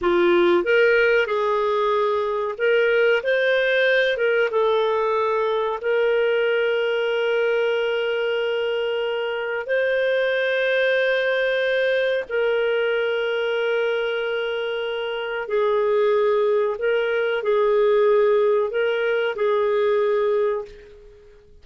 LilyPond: \new Staff \with { instrumentName = "clarinet" } { \time 4/4 \tempo 4 = 93 f'4 ais'4 gis'2 | ais'4 c''4. ais'8 a'4~ | a'4 ais'2.~ | ais'2. c''4~ |
c''2. ais'4~ | ais'1 | gis'2 ais'4 gis'4~ | gis'4 ais'4 gis'2 | }